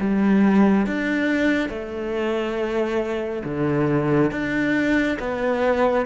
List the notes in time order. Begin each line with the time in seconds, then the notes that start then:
0.00 G3
0.87 D4
1.69 A3
3.45 D3
4.32 D4
5.20 B3